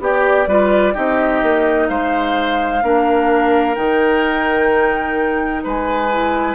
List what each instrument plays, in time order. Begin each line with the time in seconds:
0.00 bassoon B3, clarinet G4, oboe G4, flute D5
0.47 bassoon G3, clarinet F4, oboe B4
0.93 bassoon C4, clarinet D#4, oboe G4, flute D#5
1.42 bassoon A#3
1.88 bassoon G#3, oboe C5, flute F5
2.83 bassoon A#3, clarinet D4, oboe A#4
3.75 bassoon D#3, clarinet D#4, flute G5
5.64 bassoon G#3, oboe B4, flute G#5
6.10 clarinet E4